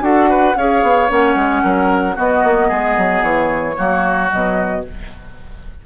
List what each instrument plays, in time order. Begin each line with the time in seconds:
0.00 bassoon D4, clarinet F#4, oboe A4, flute F#5
0.29 oboe B4
0.56 bassoon C#4, clarinet G#4, oboe C#5, flute F5
0.82 bassoon B3
1.08 bassoon A#3, clarinet C#4, flute F#5
1.35 bassoon G#3
1.63 bassoon F#3, oboe A#4
2.15 clarinet B3, bassoon B3, oboe F#4, flute D#5
2.44 bassoon A#3
2.68 bassoon G#3, oboe G#4
2.97 bassoon F#3
3.22 bassoon E3, flute C#5
3.76 bassoon F#3, clarinet A#3, oboe F#4
4.29 bassoon B2, clarinet F#3, flute D#5